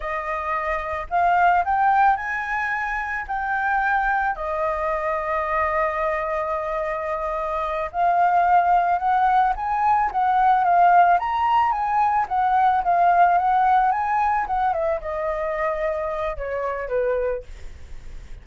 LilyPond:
\new Staff \with { instrumentName = "flute" } { \time 4/4 \tempo 4 = 110 dis''2 f''4 g''4 | gis''2 g''2 | dis''1~ | dis''2~ dis''8 f''4.~ |
f''8 fis''4 gis''4 fis''4 f''8~ | f''8 ais''4 gis''4 fis''4 f''8~ | f''8 fis''4 gis''4 fis''8 e''8 dis''8~ | dis''2 cis''4 b'4 | }